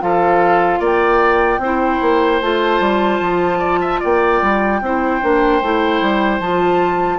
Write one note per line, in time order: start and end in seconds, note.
0.00 0.80 F3
0.00 1.60 F4
0.00 0.79 A4
0.00 0.81 F5
0.79 1.58 A#3
0.79 1.59 D5
0.79 2.41 G5
1.58 1.98 C4
1.58 2.42 E4
1.58 3.59 C5
2.01 2.41 A#3
2.41 2.80 A3
2.41 4.82 F4
2.41 4.01 A5
2.80 3.20 G3
3.20 4.00 F3
3.59 3.79 D5
3.81 4.00 E5
4.00 4.42 A#3
4.00 4.80 D5
4.00 6.40 G5
4.42 4.81 G3
4.81 5.21 C4
4.81 5.21 E4
4.81 7.19 C5
5.21 5.62 A#3
5.21 5.61 D4
5.62 6.01 A3
5.62 6.41 E4
6.01 6.39 G3
6.39 7.19 F3
6.39 7.19 F4
6.39 7.19 A5